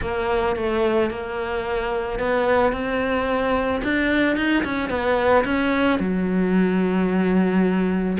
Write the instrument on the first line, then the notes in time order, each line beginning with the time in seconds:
cello
0.01 A#3
0.56 A3
1.10 A#3
2.19 B3
2.72 C4
3.83 D4
4.36 D#4
4.64 C#4
4.89 B3
5.44 C#4
5.99 F#3